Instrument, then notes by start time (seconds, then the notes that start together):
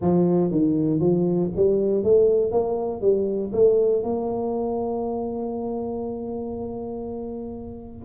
tuba
0.01 F3
0.51 D#3
1.00 F3
1.56 G3
2.03 A3
2.51 A#3
3.01 G3
3.52 A3
4.03 A#3